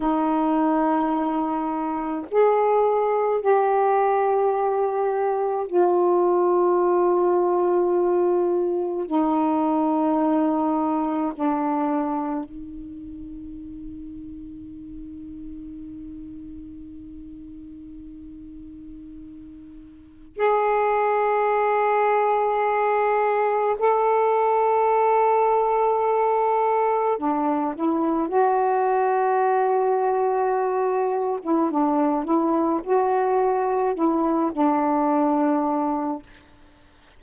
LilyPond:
\new Staff \with { instrumentName = "saxophone" } { \time 4/4 \tempo 4 = 53 dis'2 gis'4 g'4~ | g'4 f'2. | dis'2 d'4 dis'4~ | dis'1~ |
dis'2 gis'2~ | gis'4 a'2. | d'8 e'8 fis'2~ fis'8. e'16 | d'8 e'8 fis'4 e'8 d'4. | }